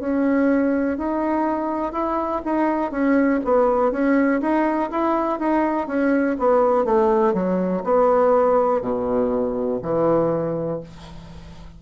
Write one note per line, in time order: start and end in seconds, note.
0.00 0.98 C#4
0.98 1.93 D#4
1.93 2.42 E4
2.45 2.91 D#4
2.91 3.40 C#4
3.45 3.92 B3
3.92 4.41 C#4
4.41 4.90 D#4
4.91 5.40 E4
5.40 5.87 D#4
5.87 6.37 C#4
6.39 6.85 B3
6.85 7.34 A3
7.34 7.83 F#3
7.84 8.82 B3
8.82 9.80 B2
9.82 10.81 E3